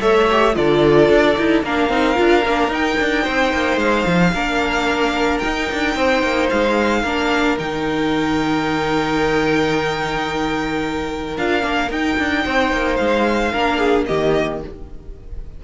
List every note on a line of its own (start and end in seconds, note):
0.00 0.56 A3
0.00 0.27 A4
0.00 0.55 C#5
0.00 0.54 E5
0.31 0.53 G4
0.53 1.09 D3
0.53 1.34 F4
0.53 1.63 A4
0.53 1.62 D5
1.09 1.36 D4
1.37 1.62 D#4
1.37 1.64 E4
1.62 1.88 A#3
1.62 1.90 D4
1.62 3.23 A#4
1.62 2.72 F5
1.88 2.15 C4
1.88 2.14 D#4
2.14 2.46 D4
2.14 2.41 F4
2.46 2.68 A#3
2.46 2.70 D4
2.68 2.95 D#4
2.68 4.32 D#4
2.68 3.78 G5
2.99 3.26 D4
3.23 3.53 C4
3.23 4.31 C5
3.53 3.77 A#3
3.77 4.04 G#3
3.77 5.38 F5
4.06 4.33 F3
4.33 5.41 A#3
4.33 5.42 D4
4.33 5.96 A#4
5.38 7.04 D#4
5.38 5.70 D#4
5.38 6.46 G5
5.72 5.95 D4
5.95 6.22 C4
5.95 7.02 C5
6.22 6.49 A#3
6.49 7.03 G#3
6.49 7.57 F5
7.02 7.57 A#3
7.02 7.58 D4
7.02 12.43 A#4
7.58 11.37 D#3
7.58 11.36 D#4
7.58 11.36 G5
11.37 11.62 D4
11.37 11.61 F4
11.37 11.91 F5
11.61 11.90 A#3
11.61 11.88 D4
11.90 12.17 D#4
11.90 13.54 D#4
11.90 12.96 G5
12.18 12.45 D4
12.44 12.72 C4
12.44 13.52 C5
12.72 12.99 A#3
12.96 13.53 G#3
12.96 14.04 F5
13.52 14.08 A#3
13.52 14.08 D4
13.52 13.78 A#4
13.78 14.05 G#4
14.06 14.63 D#3
14.06 14.62 A#3
14.06 14.61 G4
14.06 14.60 D#5